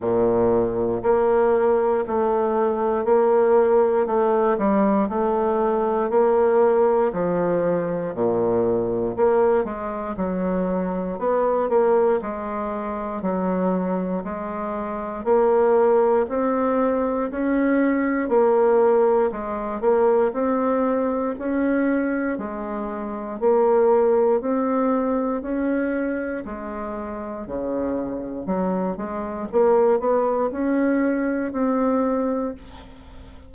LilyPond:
\new Staff \with { instrumentName = "bassoon" } { \time 4/4 \tempo 4 = 59 ais,4 ais4 a4 ais4 | a8 g8 a4 ais4 f4 | ais,4 ais8 gis8 fis4 b8 ais8 | gis4 fis4 gis4 ais4 |
c'4 cis'4 ais4 gis8 ais8 | c'4 cis'4 gis4 ais4 | c'4 cis'4 gis4 cis4 | fis8 gis8 ais8 b8 cis'4 c'4 | }